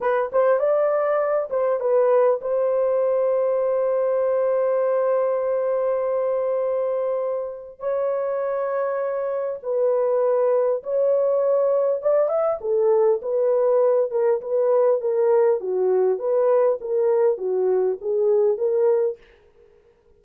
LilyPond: \new Staff \with { instrumentName = "horn" } { \time 4/4 \tempo 4 = 100 b'8 c''8 d''4. c''8 b'4 | c''1~ | c''1~ | c''4 cis''2. |
b'2 cis''2 | d''8 e''8 a'4 b'4. ais'8 | b'4 ais'4 fis'4 b'4 | ais'4 fis'4 gis'4 ais'4 | }